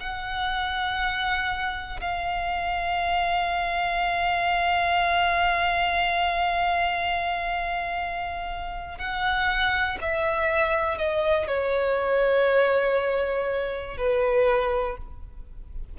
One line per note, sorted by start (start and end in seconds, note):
0.00 2.00 F#5
2.00 8.98 F5
8.98 9.98 F#5
10.01 10.97 E5
10.97 11.47 D#5
11.47 13.97 C#5
13.97 14.97 B4